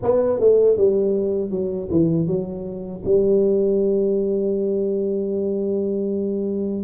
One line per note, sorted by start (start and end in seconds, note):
0.02 0.39 B3
0.39 0.77 A3
0.77 1.50 G3
1.50 1.88 F#3
1.90 2.26 E3
2.26 3.02 F#3
3.05 6.83 G3